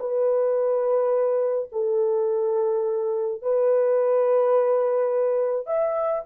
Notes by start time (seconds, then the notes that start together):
0.00 B4
1.72 A4
3.42 B4
5.67 E5